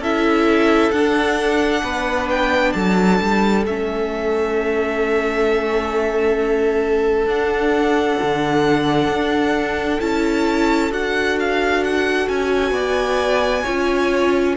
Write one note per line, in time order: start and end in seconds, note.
0.00 0.91 C#4
0.00 0.94 E4
0.00 1.82 A4
0.00 0.92 E5
0.92 1.83 D4
0.92 3.66 D4
0.92 2.28 F#5
1.84 2.75 B3
1.84 2.75 B4
2.30 2.73 G5
2.73 3.21 F#3
2.73 12.73 A4
2.73 3.64 A5
3.21 3.66 G3
3.66 7.27 A3
3.66 7.27 C#4
3.66 7.29 E5
7.27 8.18 D4
7.27 10.00 D4
7.27 10.01 F#5
8.23 9.09 D3
9.09 10.00 D4
10.01 10.92 C#4
10.01 10.91 E4
10.01 10.92 A5
10.91 12.28 D4
10.91 13.64 F#4
10.91 11.39 F#5
11.40 11.84 F5
11.84 12.29 F#5
12.29 12.72 C#4
12.29 14.56 G#5
12.72 13.63 B3
12.72 13.64 D5
13.64 14.57 C#4
13.64 14.57 F4
13.64 14.55 C#5